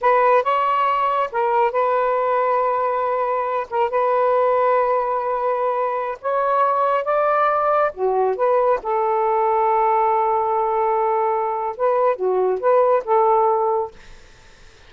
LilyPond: \new Staff \with { instrumentName = "saxophone" } { \time 4/4 \tempo 4 = 138 b'4 cis''2 ais'4 | b'1~ | b'8 ais'8 b'2.~ | b'2~ b'16 cis''4.~ cis''16~ |
cis''16 d''2 fis'4 b'8.~ | b'16 a'2.~ a'8.~ | a'2. b'4 | fis'4 b'4 a'2 | }